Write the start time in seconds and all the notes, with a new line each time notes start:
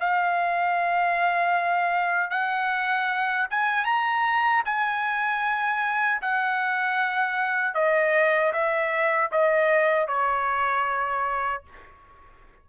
0.00 F5
2.30 F#5
3.50 G#5
3.85 A#5
4.65 G#5
6.21 F#5
7.74 D#5
8.53 E5
9.32 D#5
10.08 C#5